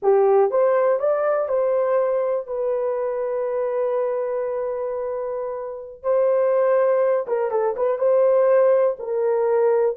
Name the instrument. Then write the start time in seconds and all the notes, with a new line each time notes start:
horn
0.02 G4
0.51 C5
0.99 D5
1.48 C5
2.46 B4
6.02 C5
7.27 A#4
7.50 A4
7.76 B4
7.98 C5
8.99 A#4